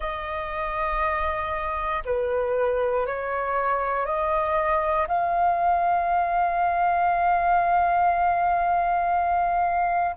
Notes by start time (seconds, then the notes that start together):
0.00 D#5
2.05 B4
3.06 C#5
4.05 D#5
5.07 F5